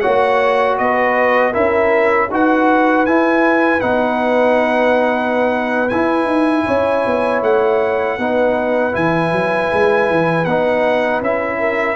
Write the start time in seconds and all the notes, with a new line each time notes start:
0.00 A#3 F#4 C#5 F#5
0.77 B3 B4 D#5
1.51 C#4 E4 A#4 E5
2.30 D#4 F#4 B4 F#5
3.05 E4 G#5
3.79 B3 D#4 F#5
5.88 E4 G#5
6.24 D#4
6.65 C#4 C#5
7.06 B3
7.42 A3 F#5
8.18 B3 D#4 B4
8.92 E3 E4 G#5
9.32 F#3
9.72 G#3
10.09 E3
10.44 B3 D#4 F#5
11.21 C#4 E4 E5
11.59 A#4